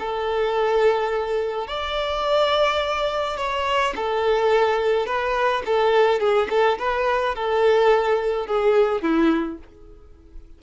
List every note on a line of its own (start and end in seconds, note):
0.00 1.68 A4
1.68 3.38 D5
3.38 3.94 C#5
3.96 5.07 A4
5.07 5.63 B4
5.66 6.20 A4
6.20 6.48 G#4
6.50 6.78 A4
6.79 7.36 B4
7.36 8.47 A4
8.47 9.02 G#4
9.02 9.59 E4